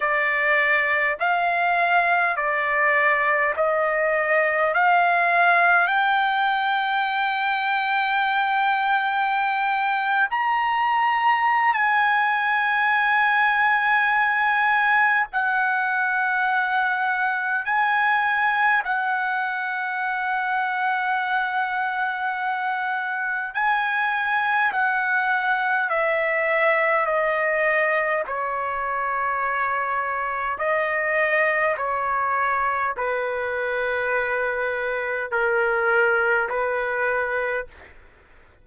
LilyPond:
\new Staff \with { instrumentName = "trumpet" } { \time 4/4 \tempo 4 = 51 d''4 f''4 d''4 dis''4 | f''4 g''2.~ | g''8. ais''4~ ais''16 gis''2~ | gis''4 fis''2 gis''4 |
fis''1 | gis''4 fis''4 e''4 dis''4 | cis''2 dis''4 cis''4 | b'2 ais'4 b'4 | }